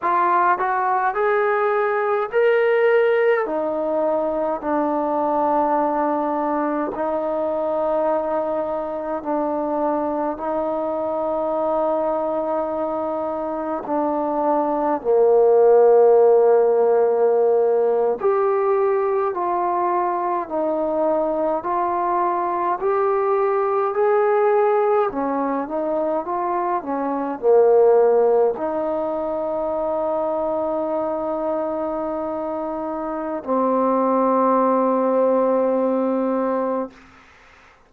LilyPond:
\new Staff \with { instrumentName = "trombone" } { \time 4/4 \tempo 4 = 52 f'8 fis'8 gis'4 ais'4 dis'4 | d'2 dis'2 | d'4 dis'2. | d'4 ais2~ ais8. g'16~ |
g'8. f'4 dis'4 f'4 g'16~ | g'8. gis'4 cis'8 dis'8 f'8 cis'8 ais16~ | ais8. dis'2.~ dis'16~ | dis'4 c'2. | }